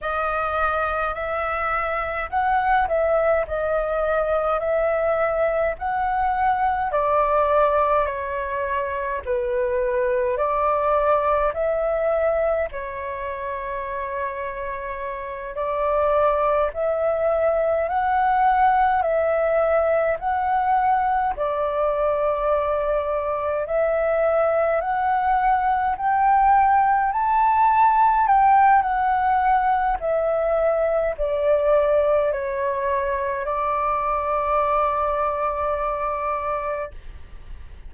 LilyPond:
\new Staff \with { instrumentName = "flute" } { \time 4/4 \tempo 4 = 52 dis''4 e''4 fis''8 e''8 dis''4 | e''4 fis''4 d''4 cis''4 | b'4 d''4 e''4 cis''4~ | cis''4. d''4 e''4 fis''8~ |
fis''8 e''4 fis''4 d''4.~ | d''8 e''4 fis''4 g''4 a''8~ | a''8 g''8 fis''4 e''4 d''4 | cis''4 d''2. | }